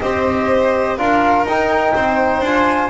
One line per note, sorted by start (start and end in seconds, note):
0.00 0.99 C4
0.00 0.98 G4
0.00 0.97 C5
0.00 0.97 D#5
0.97 1.45 D4
0.97 1.46 F4
0.97 1.94 A#4
0.97 1.46 F5
1.45 1.93 D#4
1.45 2.46 D#4
1.45 2.44 G5
1.95 2.41 C4
1.95 2.90 C5
2.41 2.89 D4
2.41 2.90 F4
2.41 2.90 G#5